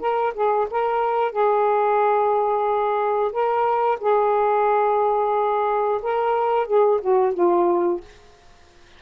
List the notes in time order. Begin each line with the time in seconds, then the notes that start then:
0.00 A#4
0.34 G#4
0.71 A#4
1.32 G#4
3.32 A#4
4.01 G#4
6.02 A#4
6.67 G#4
7.01 F#4
7.34 F4